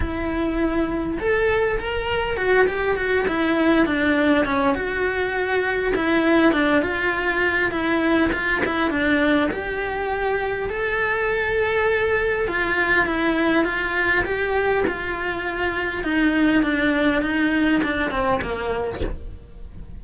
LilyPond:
\new Staff \with { instrumentName = "cello" } { \time 4/4 \tempo 4 = 101 e'2 a'4 ais'4 | fis'8 g'8 fis'8 e'4 d'4 cis'8 | fis'2 e'4 d'8 f'8~ | f'4 e'4 f'8 e'8 d'4 |
g'2 a'2~ | a'4 f'4 e'4 f'4 | g'4 f'2 dis'4 | d'4 dis'4 d'8 c'8 ais4 | }